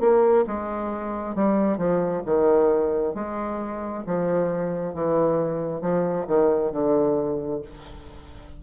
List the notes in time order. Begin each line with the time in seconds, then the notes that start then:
0.00 A#3
0.47 G#3
1.35 G3
1.77 F3
2.26 D#3
3.14 G#3
4.06 F3
4.94 E3
5.81 F3
6.27 D#3
6.72 D3